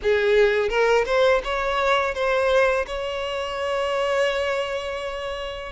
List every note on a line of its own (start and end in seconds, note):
0.02 0.69 G#4
0.69 1.05 A#4
1.05 1.41 C5
1.44 2.14 C#5
2.14 2.85 C5
2.86 5.72 C#5